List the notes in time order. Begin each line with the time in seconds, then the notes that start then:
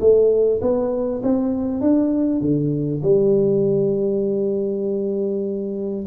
0.00 A3
0.61 B3
1.23 C4
1.81 D4
2.41 D3
3.02 G3